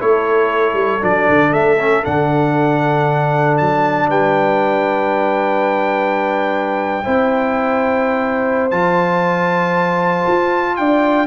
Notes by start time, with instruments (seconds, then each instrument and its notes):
0.00 tuba A3, trombone E4, horn A4, trumpet C#5
0.74 tuba G3
1.01 tuba F#3, trombone D4, trumpet D5
1.29 tuba D3
1.54 tuba A3, trumpet E5
1.80 trombone C#4
2.04 tuba D3, trombone D4, trumpet F#5
3.58 tuba F#3, trumpet A5
4.09 tuba G3, horn B4, trumpet G5
7.05 tuba C4, trombone E4, horn C5
8.71 tuba F3, trombone F4, trumpet A5
10.28 tuba F4
10.76 tuba D4, horn D5, trumpet G5